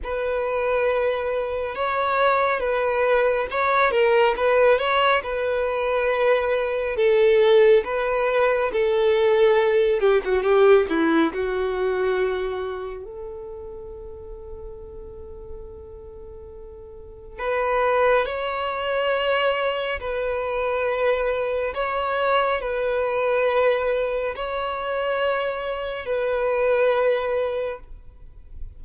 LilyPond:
\new Staff \with { instrumentName = "violin" } { \time 4/4 \tempo 4 = 69 b'2 cis''4 b'4 | cis''8 ais'8 b'8 cis''8 b'2 | a'4 b'4 a'4. g'16 fis'16 | g'8 e'8 fis'2 a'4~ |
a'1 | b'4 cis''2 b'4~ | b'4 cis''4 b'2 | cis''2 b'2 | }